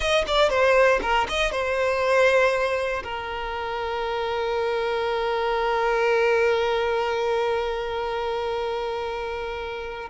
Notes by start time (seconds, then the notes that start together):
0.00 D#5
0.27 D5
0.49 C5
1.02 A#4
1.29 D#5
1.51 C5
3.03 A#4